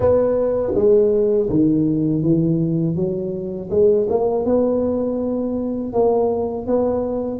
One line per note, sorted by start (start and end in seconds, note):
0.00 0.73 B3
0.74 1.48 G#3
1.49 2.22 D#3
2.22 2.95 E3
2.95 3.69 F#3
3.70 4.07 G#3
4.09 4.45 A#3
4.45 5.93 B3
5.93 6.66 A#3
6.66 7.40 B3